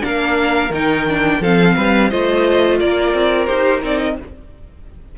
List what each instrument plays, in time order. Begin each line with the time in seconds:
0.00 cello A#3, viola D4, violin A#4 F5
0.70 cello D#3, viola D#4, violin G5
1.07 viola D4
1.40 cello F3, viola C4, violin A4 F5
1.76 cello G3, violin B4
2.09 cello A3, viola F4, violin C5 D#5
2.78 cello A#3, violin A#4 D5
3.13 cello C4
3.46 cello D#4, viola G4, violin C5
3.82 cello C4, viola D#4, violin D5
3.98 violin D#5